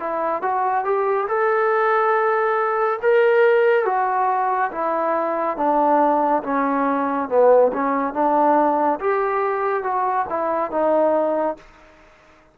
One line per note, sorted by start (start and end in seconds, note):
0.00 0.42 E4
0.42 0.84 F#4
0.84 1.27 G4
1.28 3.00 A4
3.02 3.85 A#4
3.85 4.71 F#4
4.71 5.57 E4
5.57 6.42 D4
6.43 7.29 C#4
7.29 7.71 B3
7.73 8.14 C#4
8.14 8.99 D4
9.00 9.83 G4
9.83 10.26 F#4
10.29 10.71 E4
10.71 11.57 D#4